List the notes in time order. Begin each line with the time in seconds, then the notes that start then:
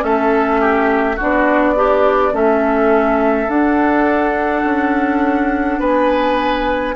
0.00 A3 C#4 A4 E5
0.61 G4
1.16 B3 D4 F#4 D5
1.76 D4 G4
2.33 A3 C#4 A4 E5
3.48 D4 F#5
4.64 C#4
5.79 B3 B4 G#5